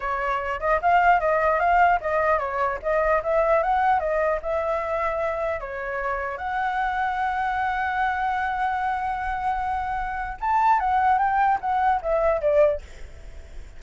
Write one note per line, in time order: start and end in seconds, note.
0.00 0.60 C#5
0.60 0.80 D#5
0.81 1.19 F5
1.19 1.59 D#5
1.59 1.99 F5
2.00 2.39 D#5
2.39 2.79 C#5
2.82 3.22 D#5
3.23 3.62 E5
3.62 3.99 F#5
3.99 4.39 D#5
4.41 5.60 E5
5.60 6.37 C#5
6.37 10.37 F#5
10.40 10.79 A5
10.79 11.18 F#5
11.18 11.58 G5
11.61 12.01 F#5
12.02 12.41 E5
12.41 12.81 D5